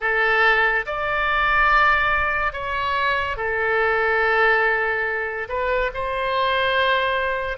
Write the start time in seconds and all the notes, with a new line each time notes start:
0.00 A4
0.86 D5
2.52 C#5
3.36 A4
5.48 B4
5.94 C5